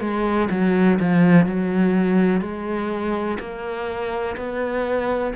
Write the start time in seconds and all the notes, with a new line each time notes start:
0.00 G#3
0.50 F#3
0.99 F3
1.46 F#3
2.41 G#3
3.40 A#3
4.36 B3